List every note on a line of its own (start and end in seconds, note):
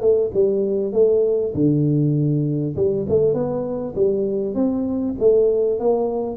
0.00 0.30 A3
0.34 0.93 G3
0.93 1.53 A3
1.54 2.75 D3
2.75 3.06 G3
3.09 3.33 A3
3.33 3.94 B3
3.95 4.54 G3
4.54 5.15 C4
5.19 5.79 A3
5.79 6.36 A#3